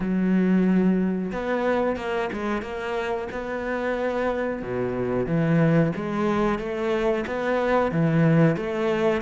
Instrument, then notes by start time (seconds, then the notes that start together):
cello
0.00 F#3
1.32 B3
1.96 A#3
2.32 G#3
2.62 A#3
3.31 B3
4.62 B2
5.26 E3
5.95 G#3
6.58 A3
7.26 B3
7.91 E3
8.56 A3